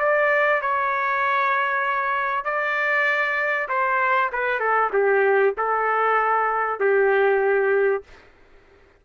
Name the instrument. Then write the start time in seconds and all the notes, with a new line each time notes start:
trumpet
0.00 D5
0.62 C#5
2.45 D5
3.69 C5
4.33 B4
4.60 A4
4.93 G4
5.58 A4
6.80 G4